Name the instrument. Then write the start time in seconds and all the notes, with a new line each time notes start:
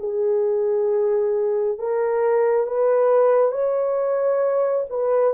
horn
0.00 G#4
1.79 A#4
2.67 B4
3.52 C#5
4.90 B4